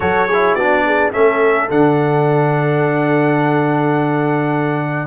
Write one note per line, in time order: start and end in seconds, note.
0.00 0.54 F#3
0.00 0.28 F#4
0.00 0.27 A4
0.00 0.54 C#5
0.27 0.59 E4
0.27 0.55 G#4
0.54 1.11 B3
0.54 1.12 D4
0.54 0.84 F#4
0.54 1.11 D5
0.86 1.12 G#4
1.12 1.70 A3
1.12 1.69 C#4
1.12 5.07 A4
1.12 1.69 E5
1.69 5.07 D3
1.69 5.07 D4
1.69 5.07 F#5